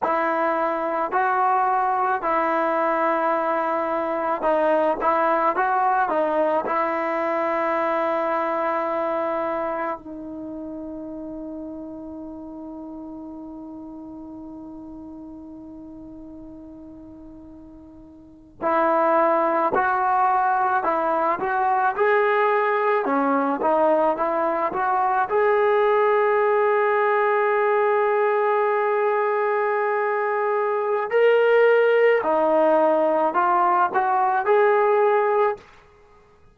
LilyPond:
\new Staff \with { instrumentName = "trombone" } { \time 4/4 \tempo 4 = 54 e'4 fis'4 e'2 | dis'8 e'8 fis'8 dis'8 e'2~ | e'4 dis'2.~ | dis'1~ |
dis'8. e'4 fis'4 e'8 fis'8 gis'16~ | gis'8. cis'8 dis'8 e'8 fis'8 gis'4~ gis'16~ | gis'1 | ais'4 dis'4 f'8 fis'8 gis'4 | }